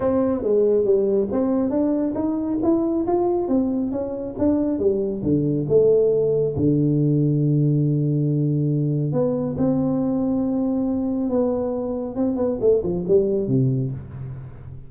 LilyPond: \new Staff \with { instrumentName = "tuba" } { \time 4/4 \tempo 4 = 138 c'4 gis4 g4 c'4 | d'4 dis'4 e'4 f'4 | c'4 cis'4 d'4 g4 | d4 a2 d4~ |
d1~ | d4 b4 c'2~ | c'2 b2 | c'8 b8 a8 f8 g4 c4 | }